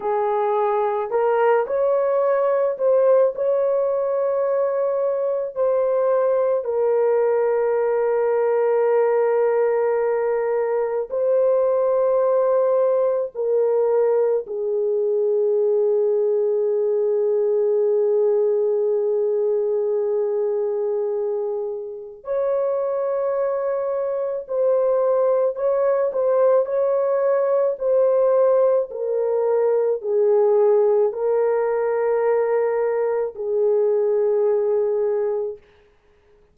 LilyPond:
\new Staff \with { instrumentName = "horn" } { \time 4/4 \tempo 4 = 54 gis'4 ais'8 cis''4 c''8 cis''4~ | cis''4 c''4 ais'2~ | ais'2 c''2 | ais'4 gis'2.~ |
gis'1 | cis''2 c''4 cis''8 c''8 | cis''4 c''4 ais'4 gis'4 | ais'2 gis'2 | }